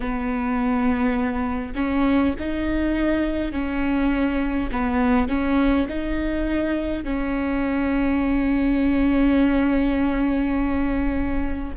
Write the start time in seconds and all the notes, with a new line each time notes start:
0.00 B3
1.75 C#4
2.39 D#4
3.51 C#4
4.71 B3
5.28 C#4
5.88 D#4
7.03 C#4